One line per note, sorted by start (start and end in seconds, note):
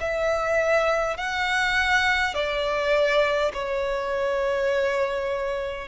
0.00 1.17 E5
1.17 2.34 F#5
2.34 3.52 D5
3.53 5.88 C#5